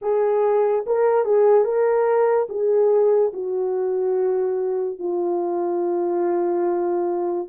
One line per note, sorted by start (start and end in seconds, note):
0.02 0.85 G#4
0.86 1.25 A#4
1.25 1.64 G#4
1.64 2.47 A#4
2.49 3.32 G#4
3.33 4.98 F#4
4.98 7.48 F4